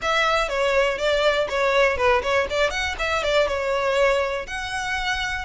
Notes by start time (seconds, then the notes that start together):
0.02 E5
0.48 C#5
0.98 D5
1.48 C#5
1.97 B4
2.22 C#5
2.50 D5
2.70 F#5
2.98 E5
3.23 D5
3.47 C#5
4.47 F#5